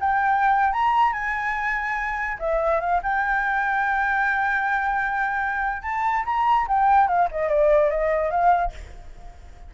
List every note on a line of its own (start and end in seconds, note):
0.00 0.72 G5
0.72 1.12 A#5
1.12 2.37 G#5
2.39 2.80 E5
2.80 3.01 F5
3.02 5.82 G5
5.82 6.24 A5
6.25 6.66 A#5
6.67 7.07 G5
7.07 7.28 F5
7.31 7.48 D#5
7.48 7.90 D5
7.90 8.30 D#5
8.30 8.72 F5